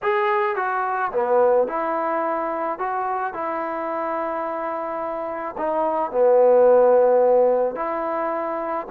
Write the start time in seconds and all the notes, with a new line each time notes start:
0.02 G#4
0.56 F#4
1.11 B3
1.67 E4
2.78 F#4
3.33 E4
5.57 D#4
6.11 B3
7.75 E4